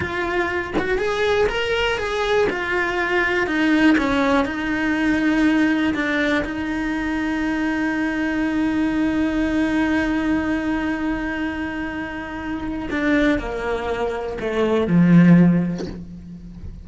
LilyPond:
\new Staff \with { instrumentName = "cello" } { \time 4/4 \tempo 4 = 121 f'4. fis'8 gis'4 ais'4 | gis'4 f'2 dis'4 | cis'4 dis'2. | d'4 dis'2.~ |
dis'1~ | dis'1~ | dis'2 d'4 ais4~ | ais4 a4 f2 | }